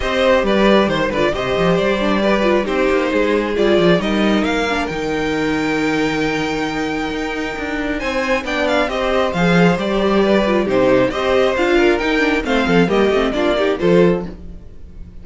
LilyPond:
<<
  \new Staff \with { instrumentName = "violin" } { \time 4/4 \tempo 4 = 135 dis''4 d''4 c''8 d''8 dis''4 | d''2 c''2 | d''4 dis''4 f''4 g''4~ | g''1~ |
g''2 gis''4 g''8 f''8 | dis''4 f''4 d''2 | c''4 dis''4 f''4 g''4 | f''4 dis''4 d''4 c''4 | }
  \new Staff \with { instrumentName = "violin" } { \time 4/4 c''4 b'4 c''8 b'8 c''4~ | c''4 b'4 g'4 gis'4~ | gis'4 ais'2.~ | ais'1~ |
ais'2 c''4 d''4 | c''2. b'4 | g'4 c''4. ais'4. | c''8 a'8 g'4 f'8 g'8 a'4 | }
  \new Staff \with { instrumentName = "viola" } { \time 4/4 g'2~ g'8 f'8 g'4~ | g'8 d'8 g'8 f'8 dis'2 | f'4 dis'4. d'8 dis'4~ | dis'1~ |
dis'2. d'4 | g'4 gis'4 g'4. f'8 | dis'4 g'4 f'4 dis'8 d'8 | c'4 ais8 c'8 d'8 dis'8 f'4 | }
  \new Staff \with { instrumentName = "cello" } { \time 4/4 c'4 g4 dis8 d8 c8 f8 | g2 c'8 ais8 gis4 | g8 f8 g4 ais4 dis4~ | dis1 |
dis'4 d'4 c'4 b4 | c'4 f4 g2 | c4 c'4 d'4 dis'4 | a8 f8 g8 a8 ais4 f4 | }
>>